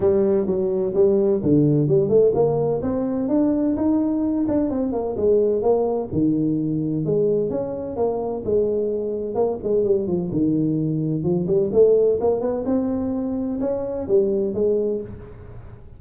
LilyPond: \new Staff \with { instrumentName = "tuba" } { \time 4/4 \tempo 4 = 128 g4 fis4 g4 d4 | g8 a8 ais4 c'4 d'4 | dis'4. d'8 c'8 ais8 gis4 | ais4 dis2 gis4 |
cis'4 ais4 gis2 | ais8 gis8 g8 f8 dis2 | f8 g8 a4 ais8 b8 c'4~ | c'4 cis'4 g4 gis4 | }